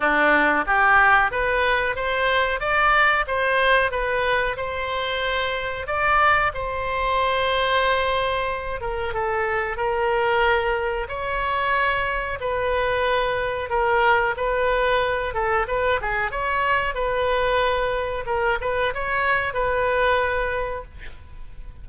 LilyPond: \new Staff \with { instrumentName = "oboe" } { \time 4/4 \tempo 4 = 92 d'4 g'4 b'4 c''4 | d''4 c''4 b'4 c''4~ | c''4 d''4 c''2~ | c''4. ais'8 a'4 ais'4~ |
ais'4 cis''2 b'4~ | b'4 ais'4 b'4. a'8 | b'8 gis'8 cis''4 b'2 | ais'8 b'8 cis''4 b'2 | }